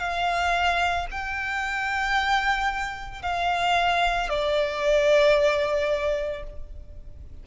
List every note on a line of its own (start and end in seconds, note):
0.00 1.07 F5
1.11 3.22 G5
3.22 4.30 F5
4.30 6.44 D5